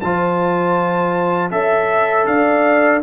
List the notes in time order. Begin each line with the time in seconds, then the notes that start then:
0.00 F3 F4 C5 A5
1.50 C#4 A4 E5
2.26 D4 D5 F5